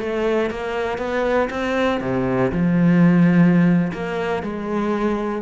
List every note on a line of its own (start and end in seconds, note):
0.00 0.51 A3
0.51 0.98 A#3
0.98 1.49 B3
1.50 2.01 C4
2.01 2.52 C3
2.52 3.92 F3
3.94 4.43 A#3
4.43 5.42 G#3